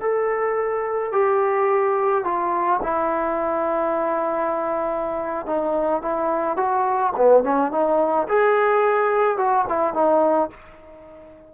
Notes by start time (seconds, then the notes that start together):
0.00 A4
1.12 G4
2.24 F4
2.82 E4
5.46 D#4
6.02 E4
6.56 F#4
7.16 B3
7.43 C#4
7.71 D#4
8.28 G#4
9.37 F#4
9.68 E4
9.93 D#4